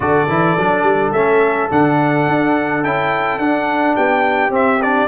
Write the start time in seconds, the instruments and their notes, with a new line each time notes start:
0.00 tuba D3, trombone F#4, horn A4, trumpet D5
0.28 tuba E3, trombone E4
0.57 tuba F#3, trombone D4
0.82 tuba G3
1.12 tuba A3, trombone C#4, trumpet E5
1.70 tuba D3, trombone D4, trumpet F#5
2.27 tuba D4
2.83 tuba C#4, trombone E4, trumpet G5
3.38 tuba D4, trombone D4, trumpet F#5
3.95 tuba B3, horn G4, trumpet G5
4.49 tuba C4, trombone C4, trumpet E5
4.82 trombone D4, trumpet D5